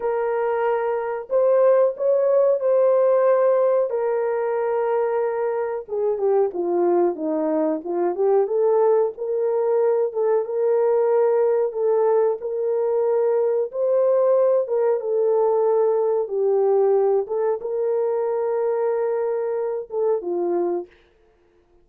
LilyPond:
\new Staff \with { instrumentName = "horn" } { \time 4/4 \tempo 4 = 92 ais'2 c''4 cis''4 | c''2 ais'2~ | ais'4 gis'8 g'8 f'4 dis'4 | f'8 g'8 a'4 ais'4. a'8 |
ais'2 a'4 ais'4~ | ais'4 c''4. ais'8 a'4~ | a'4 g'4. a'8 ais'4~ | ais'2~ ais'8 a'8 f'4 | }